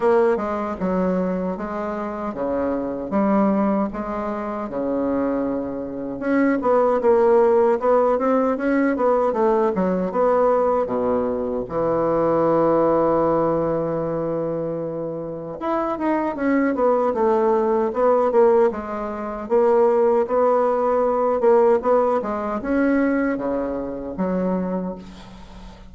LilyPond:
\new Staff \with { instrumentName = "bassoon" } { \time 4/4 \tempo 4 = 77 ais8 gis8 fis4 gis4 cis4 | g4 gis4 cis2 | cis'8 b8 ais4 b8 c'8 cis'8 b8 | a8 fis8 b4 b,4 e4~ |
e1 | e'8 dis'8 cis'8 b8 a4 b8 ais8 | gis4 ais4 b4. ais8 | b8 gis8 cis'4 cis4 fis4 | }